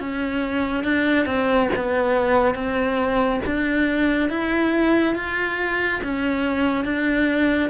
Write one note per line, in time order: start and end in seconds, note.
0.00 0.84 C#4
0.84 1.26 D4
1.26 1.69 C4
1.76 2.55 B3
2.55 3.41 C4
3.46 4.29 D4
4.29 5.15 E4
5.15 6.01 F4
6.04 6.85 C#4
6.85 7.70 D4